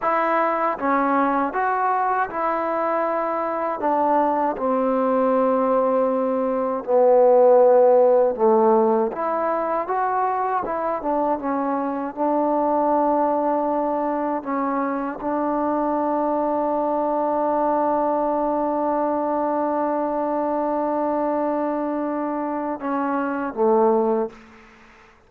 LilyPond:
\new Staff \with { instrumentName = "trombone" } { \time 4/4 \tempo 4 = 79 e'4 cis'4 fis'4 e'4~ | e'4 d'4 c'2~ | c'4 b2 a4 | e'4 fis'4 e'8 d'8 cis'4 |
d'2. cis'4 | d'1~ | d'1~ | d'2 cis'4 a4 | }